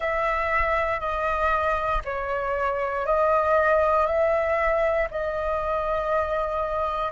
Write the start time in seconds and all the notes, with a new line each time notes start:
0.00 E5
1.00 D#5
2.04 C#5
3.06 D#5
4.06 E5
5.11 D#5